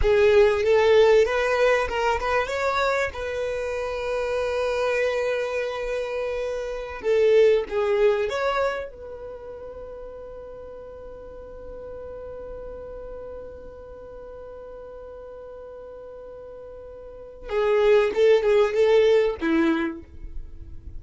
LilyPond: \new Staff \with { instrumentName = "violin" } { \time 4/4 \tempo 4 = 96 gis'4 a'4 b'4 ais'8 b'8 | cis''4 b'2.~ | b'2.~ b'16 a'8.~ | a'16 gis'4 cis''4 b'4.~ b'16~ |
b'1~ | b'1~ | b'1 | gis'4 a'8 gis'8 a'4 e'4 | }